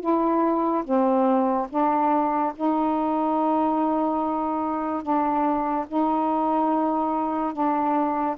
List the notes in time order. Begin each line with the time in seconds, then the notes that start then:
0.00 E4
0.84 C4
1.69 D4
2.55 D#4
5.02 D4
5.87 D#4
7.53 D4